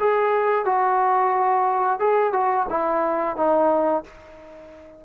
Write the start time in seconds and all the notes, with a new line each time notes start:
0.00 G#4
0.66 F#4
2.00 G#4
2.33 F#4
2.70 E4
3.36 D#4